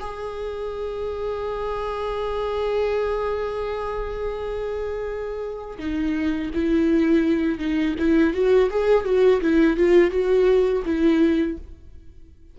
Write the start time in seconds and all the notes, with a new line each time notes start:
0.00 G#4
5.79 D#4
6.54 E4
7.59 D#4
7.99 E4
8.34 F#4
8.70 G#4
9.05 F#4
9.41 E4
9.77 F4
10.11 F#4
10.86 E4